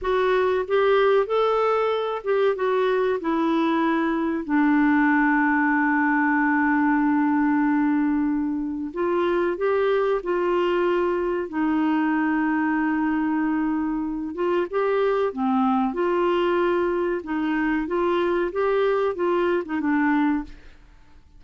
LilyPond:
\new Staff \with { instrumentName = "clarinet" } { \time 4/4 \tempo 4 = 94 fis'4 g'4 a'4. g'8 | fis'4 e'2 d'4~ | d'1~ | d'2 f'4 g'4 |
f'2 dis'2~ | dis'2~ dis'8 f'8 g'4 | c'4 f'2 dis'4 | f'4 g'4 f'8. dis'16 d'4 | }